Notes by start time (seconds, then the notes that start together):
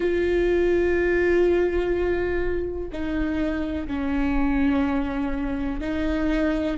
0.00 F4
2.92 D#4
3.87 C#4
5.80 D#4